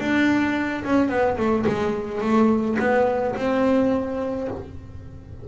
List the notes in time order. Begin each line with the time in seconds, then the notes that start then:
0.00 D4
0.85 C#4
1.09 B3
1.38 A3
1.67 G#3
2.22 A3
2.80 B3
3.36 C4